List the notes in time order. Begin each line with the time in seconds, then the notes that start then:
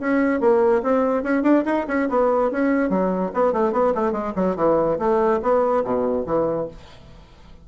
0.00 C#4
0.40 A#3
0.83 C4
1.23 C#4
1.43 D4
1.65 D#4
1.87 C#4
2.09 B3
2.51 C#4
2.90 F#3
3.34 B3
3.52 A3
3.72 B3
3.95 A3
4.12 G#3
4.35 F#3
4.56 E3
4.98 A3
5.42 B3
5.84 B2
6.26 E3